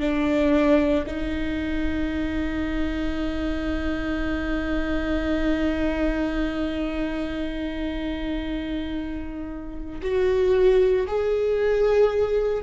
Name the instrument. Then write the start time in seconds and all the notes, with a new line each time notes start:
viola
0.00 D4
1.06 D#4
10.02 F#4
11.08 G#4